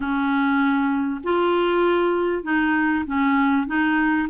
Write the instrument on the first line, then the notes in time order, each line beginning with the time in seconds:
clarinet
0.00 C#4
1.23 F4
2.43 D#4
3.06 C#4
3.67 D#4